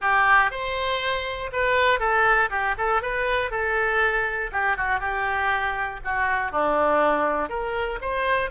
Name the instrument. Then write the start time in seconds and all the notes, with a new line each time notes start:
oboe
0.01 G4
0.50 C5
1.52 B4
1.99 A4
2.50 G4
2.77 A4
3.02 B4
3.50 A4
4.51 G4
4.76 F#4
5.00 G4
6.04 F#4
6.51 D4
7.49 A#4
8.01 C5